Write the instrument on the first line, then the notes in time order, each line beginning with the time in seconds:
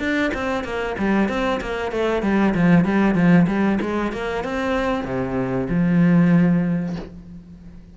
cello
0.00 D4
0.34 C4
0.64 A#3
0.98 G3
1.29 C4
1.61 A#3
1.92 A3
2.22 G3
2.55 F3
2.85 G3
3.15 F3
3.47 G3
3.81 G#3
4.13 A#3
4.44 C4
5.04 C3
5.69 F3